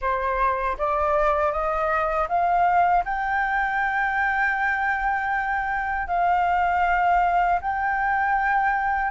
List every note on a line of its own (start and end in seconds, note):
0.01 0.77 C5
0.78 1.52 D5
1.52 2.28 D#5
2.28 3.04 F5
3.04 6.07 G5
6.07 7.59 F5
7.61 9.10 G5